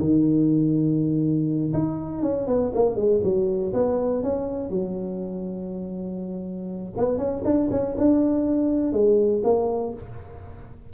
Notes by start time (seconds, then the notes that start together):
0.00 D#3
1.74 D#4
2.23 C#4
2.48 B3
2.75 A#3
2.96 G#3
3.24 F#3
3.74 B3
4.24 C#4
4.70 F#3
6.97 B3
7.18 C#4
7.45 D4
7.72 C#4
7.98 D4
8.93 G#3
9.44 A#3